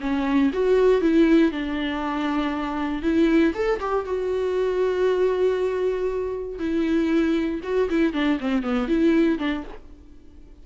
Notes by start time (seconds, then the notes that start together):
0.00 C#4
0.53 F#4
1.01 E4
1.51 D4
3.02 E4
3.54 A4
3.80 G4
4.05 F#4
6.59 E4
7.63 F#4
7.89 E4
8.13 D4
8.39 C4
8.63 B3
8.88 E4
9.38 D4